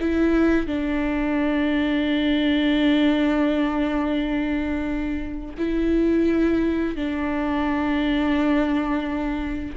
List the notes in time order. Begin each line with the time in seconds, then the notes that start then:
0.00 E4
0.67 D4
5.58 E4
6.96 D4